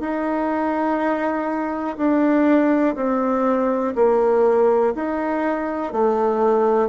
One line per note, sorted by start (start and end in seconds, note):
0.00 1.97 D#4
1.97 2.96 D4
2.96 3.94 C4
3.95 4.94 A#3
4.95 5.92 D#4
5.92 6.89 A3